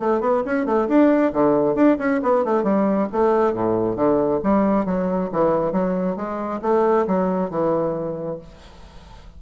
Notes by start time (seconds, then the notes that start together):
0.00 A3
0.21 B3
0.46 C#4
0.66 A3
0.88 D4
1.33 D3
1.75 D4
1.99 C#4
2.23 B3
2.45 A3
2.64 G3
3.12 A3
3.54 A2
3.96 D3
4.44 G3
4.86 F#3
5.33 E3
5.73 F#3
6.16 G#3
6.62 A3
7.07 F#3
7.50 E3